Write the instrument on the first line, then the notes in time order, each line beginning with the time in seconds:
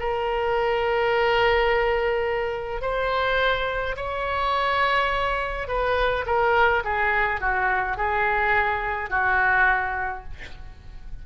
oboe
0.00 A#4
2.82 C5
3.97 C#5
5.68 B4
6.27 A#4
6.85 G#4
7.41 F#4
7.97 G#4
9.10 F#4